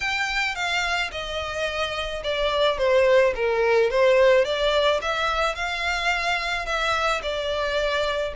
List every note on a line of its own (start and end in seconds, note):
0.00 0.55 G5
0.55 1.11 F5
1.11 2.22 D#5
2.23 2.78 D5
2.78 3.33 C5
3.35 3.90 A#4
3.90 4.44 C5
4.44 5.00 D5
5.02 5.55 E5
5.55 6.66 F5
6.66 7.21 E5
7.22 8.33 D5